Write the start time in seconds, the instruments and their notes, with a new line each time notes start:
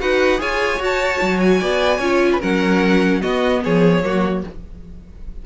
0.00 cello D#4, viola F#4, violin B4 F#5
0.38 cello F4, viola G#4, violin C#5 G#5
0.80 cello F#4, viola F#4, violin A5
1.22 cello F#3
1.40 violin G#5
1.60 cello B3, violin D5
1.99 cello C#4, viola F4, violin C#5
2.33 violin B4
2.40 cello F#3, viola C#4, violin A#4 F#5
3.21 viola B3, cello B3, violin F#4 D#5
3.64 cello F3, violin G#4 C#5
4.04 cello F#3, viola A#3, violin F#4